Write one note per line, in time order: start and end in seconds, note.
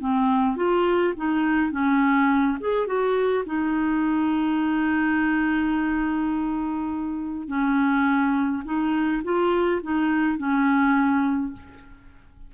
0.00 0.56 C4
0.56 1.14 F4
1.17 1.72 D#4
1.72 2.58 C#4
2.60 2.87 G#4
2.87 3.44 F#4
3.46 7.48 D#4
7.48 8.63 C#4
8.65 9.23 D#4
9.24 9.81 F4
9.83 10.38 D#4
10.38 11.53 C#4